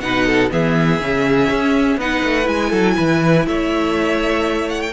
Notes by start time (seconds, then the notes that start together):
0.00 B2 D#4 B4 F#5
0.26 A4
0.50 E3 B3 G#4 E5
1.00 C#3 C#4
1.50 C#4
1.97 B3 D#4 B4 F#5
2.23 A3
2.43 G#3 E4 G#5
2.69 F#3 A4
2.97 E3 B4
3.47 A3 C#5 E5
4.69 F#5
4.81 G5